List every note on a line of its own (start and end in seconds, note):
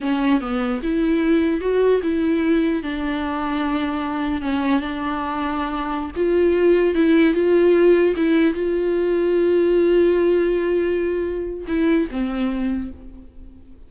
0.00 0.40 C#4
0.40 0.81 B3
0.82 1.60 E4
1.60 2.01 F#4
2.02 2.82 E4
2.82 4.41 D4
4.41 4.80 C#4
4.80 6.11 D4
6.16 6.94 F4
6.94 7.34 E4
7.34 8.14 F4
8.16 8.54 E4
8.54 11.66 F4
11.67 12.07 E4
12.10 12.91 C4